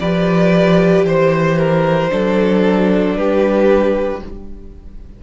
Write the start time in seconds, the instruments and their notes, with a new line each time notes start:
0.00 cello F3, viola G4, violin B4 D5
1.04 cello E3, violin C5
1.59 violin A#4
2.10 cello F#3, viola D4, violin A4
3.16 cello G3, violin G4 B4